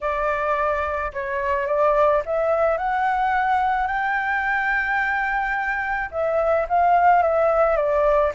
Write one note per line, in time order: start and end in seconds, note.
0.00 1.11 D5
1.13 1.66 C#5
1.66 2.22 D5
2.25 2.77 E5
2.77 3.87 F#5
3.87 6.09 G5
6.11 6.67 E5
6.68 7.22 F5
7.22 7.76 E5
7.76 8.32 D5